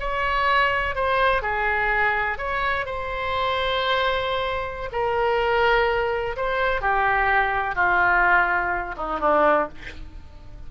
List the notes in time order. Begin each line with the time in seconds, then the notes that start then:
0.00 C#5
0.96 C5
1.42 G#4
2.38 C#5
2.85 C5
4.92 A#4
6.36 C5
6.81 G4
7.75 F4
8.97 D#4
9.20 D4